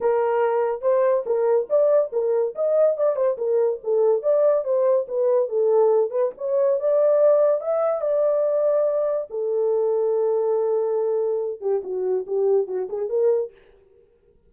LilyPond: \new Staff \with { instrumentName = "horn" } { \time 4/4 \tempo 4 = 142 ais'2 c''4 ais'4 | d''4 ais'4 dis''4 d''8 c''8 | ais'4 a'4 d''4 c''4 | b'4 a'4. b'8 cis''4 |
d''2 e''4 d''4~ | d''2 a'2~ | a'2.~ a'8 g'8 | fis'4 g'4 fis'8 gis'8 ais'4 | }